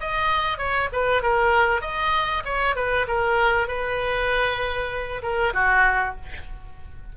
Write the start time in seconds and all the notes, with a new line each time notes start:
0.00 D#5
0.58 C#5
0.92 B4
1.22 A#4
1.81 D#5
2.45 C#5
2.76 B4
3.08 A#4
3.67 B4
5.22 A#4
5.54 F#4